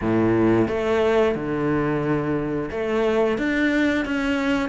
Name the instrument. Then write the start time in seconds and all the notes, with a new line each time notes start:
cello
0.01 A2
0.67 A3
1.35 D3
2.71 A3
3.37 D4
4.04 C#4